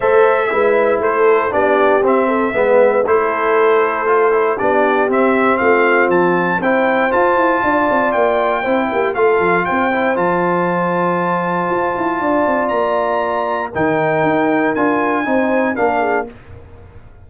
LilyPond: <<
  \new Staff \with { instrumentName = "trumpet" } { \time 4/4 \tempo 4 = 118 e''2 c''4 d''4 | e''2 c''2~ | c''4 d''4 e''4 f''4 | a''4 g''4 a''2 |
g''2 f''4 g''4 | a''1~ | a''4 ais''2 g''4~ | g''4 gis''2 f''4 | }
  \new Staff \with { instrumentName = "horn" } { \time 4/4 c''4 b'4 a'4 g'4~ | g'8 a'8 b'4 a'2~ | a'4 g'2 f'4~ | f'4 c''2 d''4~ |
d''4 c''8 g'8 a'4 c''4~ | c''1 | d''2. ais'4~ | ais'2 c''4 ais'8 gis'8 | }
  \new Staff \with { instrumentName = "trombone" } { \time 4/4 a'4 e'2 d'4 | c'4 b4 e'2 | f'8 e'8 d'4 c'2~ | c'4 e'4 f'2~ |
f'4 e'4 f'4. e'8 | f'1~ | f'2. dis'4~ | dis'4 f'4 dis'4 d'4 | }
  \new Staff \with { instrumentName = "tuba" } { \time 4/4 a4 gis4 a4 b4 | c'4 gis4 a2~ | a4 b4 c'4 a4 | f4 c'4 f'8 e'8 d'8 c'8 |
ais4 c'8 ais8 a8 f8 c'4 | f2. f'8 e'8 | d'8 c'8 ais2 dis4 | dis'4 d'4 c'4 ais4 | }
>>